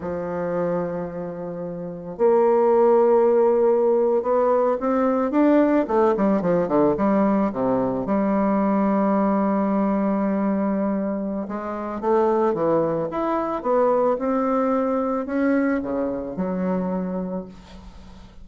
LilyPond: \new Staff \with { instrumentName = "bassoon" } { \time 4/4 \tempo 4 = 110 f1 | ais2.~ ais8. b16~ | b8. c'4 d'4 a8 g8 f16~ | f16 d8 g4 c4 g4~ g16~ |
g1~ | g4 gis4 a4 e4 | e'4 b4 c'2 | cis'4 cis4 fis2 | }